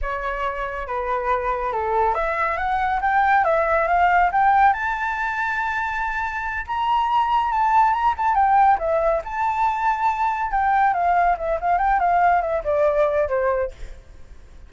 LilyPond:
\new Staff \with { instrumentName = "flute" } { \time 4/4 \tempo 4 = 140 cis''2 b'2 | a'4 e''4 fis''4 g''4 | e''4 f''4 g''4 a''4~ | a''2.~ a''8 ais''8~ |
ais''4. a''4 ais''8 a''8 g''8~ | g''8 e''4 a''2~ a''8~ | a''8 g''4 f''4 e''8 f''8 g''8 | f''4 e''8 d''4. c''4 | }